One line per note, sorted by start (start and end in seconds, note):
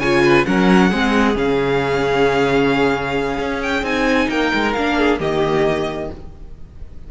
0.00 0.45 C#3
0.00 0.46 F4
0.00 0.23 C#5
0.00 0.45 G#5
0.25 0.47 B4
0.46 0.92 F#3
0.46 0.92 C#4
0.46 0.90 A#4
0.46 1.37 F#5
0.90 1.36 G#3
0.90 1.35 C4
0.90 4.28 G#4
1.35 3.39 C#3
1.35 3.83 C#4
1.35 3.63 F5
3.40 3.83 C#4
3.63 3.85 G5
3.83 4.28 C4
3.83 4.75 D#4
3.83 4.30 G#5
4.30 4.52 A#3
4.30 4.98 A#4
4.30 4.73 G5
4.54 4.77 G#3
4.73 5.20 A#3
4.73 5.20 D4
4.73 5.19 F5
4.98 5.20 G#4
5.20 6.10 D#3
5.20 6.10 A#3
5.20 6.10 G4
5.20 6.12 D#5